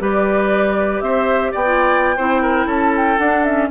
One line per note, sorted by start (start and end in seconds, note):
0.00 1.02 G3
0.00 1.65 G4
0.00 1.04 B4
0.00 1.01 D5
1.01 1.53 C4
1.01 1.52 C5
1.01 1.52 E5
1.52 2.18 B3
1.52 2.17 D5
1.52 2.71 G5
1.65 2.17 F4
2.17 2.66 C4
2.17 3.20 E4
2.17 2.42 C5
2.42 2.67 A#4
2.66 3.18 C#4
2.66 3.69 A4
2.66 2.97 A5
2.97 3.19 G5
3.19 3.71 D4
3.19 3.46 D4
3.19 3.45 F#5
3.45 3.71 C#4
3.45 3.70 E5